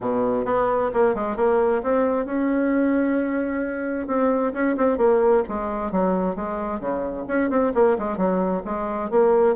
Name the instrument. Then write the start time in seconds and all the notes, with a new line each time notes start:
bassoon
0.00 B2
0.45 B3
0.93 A#3
1.14 G#3
1.36 A#3
1.82 C4
2.25 C#4
4.07 C4
4.53 C#4
4.76 C4
4.97 A#3
5.48 G#3
5.91 F#3
6.35 G#3
6.80 C#3
7.27 C#4
7.50 C4
7.74 A#3
7.98 G#3
8.17 F#3
8.64 G#3
9.10 A#3